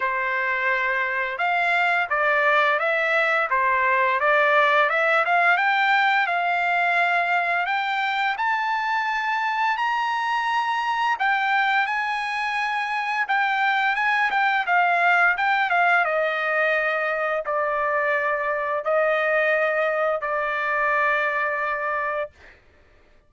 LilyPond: \new Staff \with { instrumentName = "trumpet" } { \time 4/4 \tempo 4 = 86 c''2 f''4 d''4 | e''4 c''4 d''4 e''8 f''8 | g''4 f''2 g''4 | a''2 ais''2 |
g''4 gis''2 g''4 | gis''8 g''8 f''4 g''8 f''8 dis''4~ | dis''4 d''2 dis''4~ | dis''4 d''2. | }